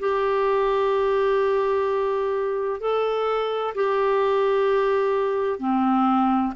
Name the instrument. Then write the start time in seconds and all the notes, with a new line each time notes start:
clarinet
0.00 G4
2.81 A4
3.75 G4
5.60 C4